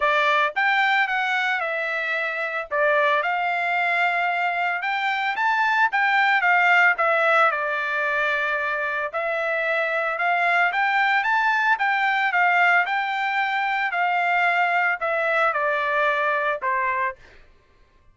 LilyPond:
\new Staff \with { instrumentName = "trumpet" } { \time 4/4 \tempo 4 = 112 d''4 g''4 fis''4 e''4~ | e''4 d''4 f''2~ | f''4 g''4 a''4 g''4 | f''4 e''4 d''2~ |
d''4 e''2 f''4 | g''4 a''4 g''4 f''4 | g''2 f''2 | e''4 d''2 c''4 | }